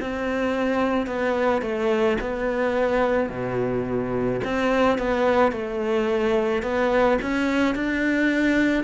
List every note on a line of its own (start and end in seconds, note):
0.00 1.06 C4
1.06 1.62 B3
1.62 2.17 A3
2.21 3.29 B3
3.29 4.40 B2
4.44 4.98 C4
4.98 5.52 B3
5.52 6.62 A3
6.62 7.18 B3
7.22 7.75 C#4
7.75 8.83 D4